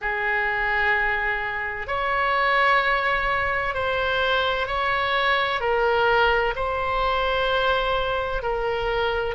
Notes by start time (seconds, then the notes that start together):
0.01 G#4
1.87 C#5
3.74 C5
4.67 C#5
5.60 A#4
6.55 C5
8.42 A#4